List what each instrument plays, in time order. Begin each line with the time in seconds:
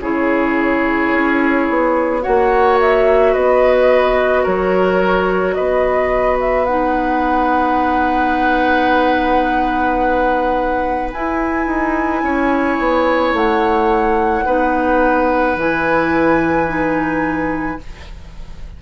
0.00 bassoon C#3, clarinet E4, oboe G#4, flute C#5
1.12 bassoon C#4
1.70 bassoon B3
2.22 bassoon A#3, clarinet F#4, oboe C#5, flute F#5
2.81 flute E5
3.33 bassoon B3, oboe B4, flute D#5
4.43 bassoon F#3, oboe A#4, flute C#5
5.53 bassoon B3, oboe B4, flute D#5
6.40 flute E5
6.66 clarinet D#4, flute F#5
11.12 bassoon E4, clarinet E4, flute G#5
11.67 bassoon D#4
12.23 bassoon C#4, oboe C#5
12.79 bassoon B3
13.33 bassoon A3, flute F#5
14.45 bassoon B3, clarinet D#4, oboe B4
15.56 bassoon E3, clarinet E4, flute G#5
16.67 clarinet D#4